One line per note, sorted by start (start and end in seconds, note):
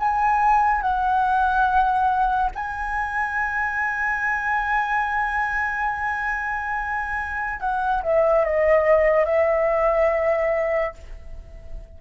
0.00 0.81 G#5
0.81 2.50 F#5
2.55 7.60 G#5
7.60 8.02 F#5
8.03 8.45 E5
8.45 9.25 D#5
9.25 10.94 E5